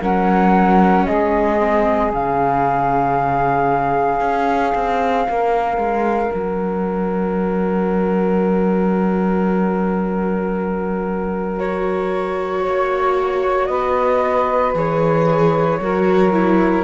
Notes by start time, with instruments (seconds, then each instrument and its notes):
0.00 cello F#3, viola C#4, saxophone A#4, flute F#5
1.05 cello G#3, saxophone G#4, flute D#5
1.59 viola C4
2.11 cello C#3, viola C#4, flute F5
4.21 cello C#4
4.75 cello C4
5.28 cello A#3, saxophone A#4
5.77 cello G#3
6.33 cello F#3, flute F#5
11.58 viola F#4, flute C#5
12.62 cello A#3, saxophone C#5
13.66 cello B3, saxophone B4, flute D#5
14.74 cello E3, viola G#4, flute C#5
15.79 cello F#3, viola F#4, saxophone A#4
16.33 viola E4